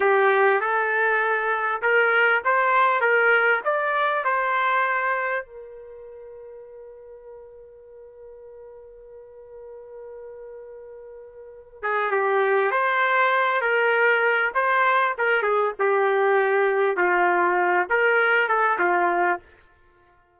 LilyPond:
\new Staff \with { instrumentName = "trumpet" } { \time 4/4 \tempo 4 = 99 g'4 a'2 ais'4 | c''4 ais'4 d''4 c''4~ | c''4 ais'2.~ | ais'1~ |
ais'2.~ ais'8 gis'8 | g'4 c''4. ais'4. | c''4 ais'8 gis'8 g'2 | f'4. ais'4 a'8 f'4 | }